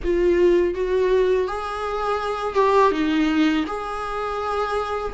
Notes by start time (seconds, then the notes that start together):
0.04 F4
0.74 F#4
1.47 G#4
2.54 G4
2.91 D#4
3.67 G#4